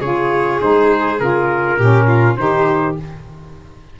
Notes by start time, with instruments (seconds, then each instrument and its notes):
0.00 tuba C#3, saxophone F4, violin G#4, trumpet C#5
0.59 tuba G#3, saxophone D#4, trumpet C5
1.19 tuba C#3, saxophone F4, trumpet A#4
1.77 tuba A#2, saxophone C#4, violin G4
2.07 violin F4
2.36 tuba D#3, saxophone D#4, violin G4, trumpet C5